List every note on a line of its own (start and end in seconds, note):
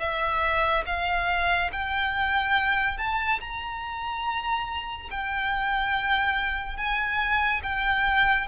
0.00 0.85 E5
0.86 1.71 F5
1.73 2.98 G5
2.98 3.40 A5
3.41 5.10 A#5
5.11 6.78 G5
6.78 7.62 G#5
7.63 8.48 G5